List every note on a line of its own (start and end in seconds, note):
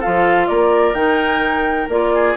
0.00 0.95 F4
0.00 0.47 A4
0.00 0.48 F5
0.07 0.50 F3
0.48 0.94 A#3
0.48 2.13 A#4
0.48 0.95 D5
0.94 1.88 D#3
0.94 1.89 D#4
0.94 1.89 G5
1.89 2.36 A#3
1.89 2.37 F4
1.89 2.37 D5
2.14 2.37 G#4